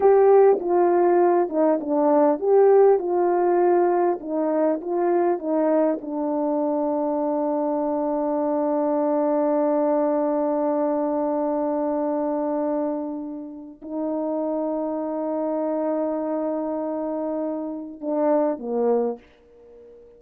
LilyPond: \new Staff \with { instrumentName = "horn" } { \time 4/4 \tempo 4 = 100 g'4 f'4. dis'8 d'4 | g'4 f'2 dis'4 | f'4 dis'4 d'2~ | d'1~ |
d'1~ | d'2. dis'4~ | dis'1~ | dis'2 d'4 ais4 | }